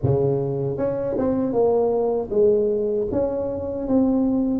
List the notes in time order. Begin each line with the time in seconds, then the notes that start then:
0.02 C#3
0.77 C#4
1.17 C4
1.52 A#3
2.30 G#3
3.11 C#4
3.87 C4